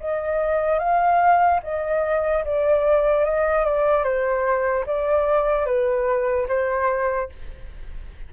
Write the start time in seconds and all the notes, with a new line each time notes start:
0.00 D#5
0.79 F5
1.63 D#5
2.45 D5
3.25 D#5
3.65 D5
4.04 C5
4.86 D5
5.66 B4
6.48 C5